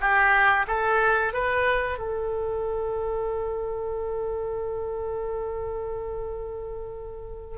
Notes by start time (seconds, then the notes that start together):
0.00 G4
0.67 A4
1.33 B4
1.98 A4